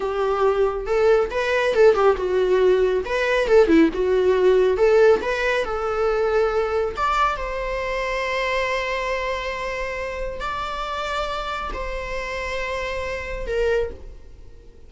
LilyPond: \new Staff \with { instrumentName = "viola" } { \time 4/4 \tempo 4 = 138 g'2 a'4 b'4 | a'8 g'8 fis'2 b'4 | a'8 e'8 fis'2 a'4 | b'4 a'2. |
d''4 c''2.~ | c''1 | d''2. c''4~ | c''2. ais'4 | }